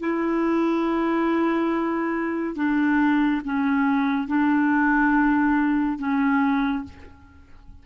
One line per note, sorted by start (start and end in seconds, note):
0.00 2.56 E4
2.56 3.42 D4
3.45 4.28 C#4
4.28 5.98 D4
5.98 6.84 C#4